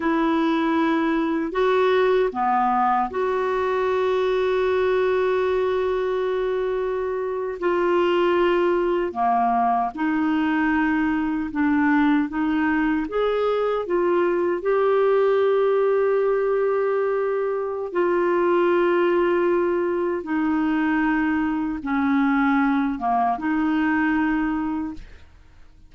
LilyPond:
\new Staff \with { instrumentName = "clarinet" } { \time 4/4 \tempo 4 = 77 e'2 fis'4 b4 | fis'1~ | fis'4.~ fis'16 f'2 ais16~ | ais8. dis'2 d'4 dis'16~ |
dis'8. gis'4 f'4 g'4~ g'16~ | g'2. f'4~ | f'2 dis'2 | cis'4. ais8 dis'2 | }